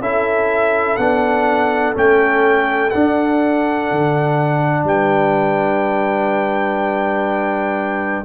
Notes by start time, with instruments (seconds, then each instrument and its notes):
0.00 tuba C#4, trombone E4, horn A4, trumpet E5
0.97 tuba B3, trombone D4, trumpet F#5
1.94 tuba A3, trombone C#4, trumpet G5
2.90 tuba D4, trombone D4, trumpet F#5
3.91 tuba D3
4.84 tuba G3, horn B4, trumpet G5